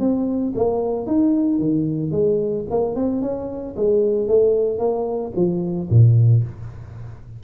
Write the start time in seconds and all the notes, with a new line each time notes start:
0.00 C4
0.56 A#3
1.07 D#4
1.59 D#3
2.12 G#3
2.71 A#3
2.96 C4
3.22 C#4
3.76 G#3
4.28 A3
4.79 A#3
5.36 F3
5.90 A#2